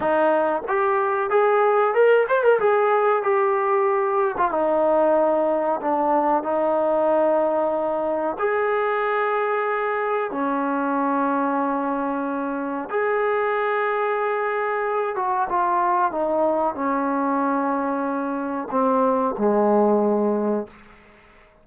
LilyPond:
\new Staff \with { instrumentName = "trombone" } { \time 4/4 \tempo 4 = 93 dis'4 g'4 gis'4 ais'8 c''16 ais'16 | gis'4 g'4.~ g'16 f'16 dis'4~ | dis'4 d'4 dis'2~ | dis'4 gis'2. |
cis'1 | gis'2.~ gis'8 fis'8 | f'4 dis'4 cis'2~ | cis'4 c'4 gis2 | }